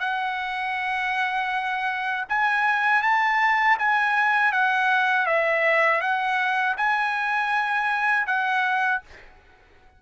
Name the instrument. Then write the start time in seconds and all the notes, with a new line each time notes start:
trumpet
0.00 F#5
2.29 G#5
3.03 A5
3.79 G#5
4.52 F#5
5.27 E5
6.01 F#5
6.77 G#5
8.27 F#5